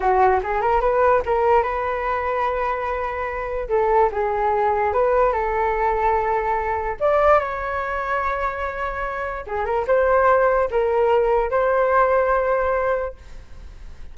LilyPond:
\new Staff \with { instrumentName = "flute" } { \time 4/4 \tempo 4 = 146 fis'4 gis'8 ais'8 b'4 ais'4 | b'1~ | b'4 a'4 gis'2 | b'4 a'2.~ |
a'4 d''4 cis''2~ | cis''2. gis'8 ais'8 | c''2 ais'2 | c''1 | }